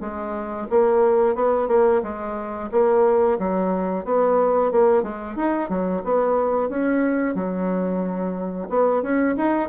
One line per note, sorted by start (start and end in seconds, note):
0.00 0.67 G#3
0.70 1.35 A#3
1.35 1.68 B3
1.68 2.01 A#3
2.02 2.69 G#3
2.72 3.38 A#3
3.38 4.05 F#3
4.05 4.71 B3
4.72 5.02 A#3
5.02 5.35 G#3
5.35 5.68 D#4
5.68 6.02 F#3
6.04 6.69 B3
6.69 7.35 C#4
7.35 8.68 F#3
8.69 9.02 B3
9.02 9.35 C#4
9.37 9.69 D#4